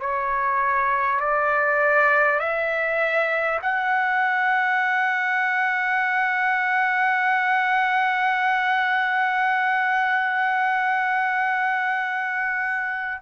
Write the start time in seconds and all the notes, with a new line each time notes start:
0.00 C#5
1.20 D5
2.39 E5
3.62 F#5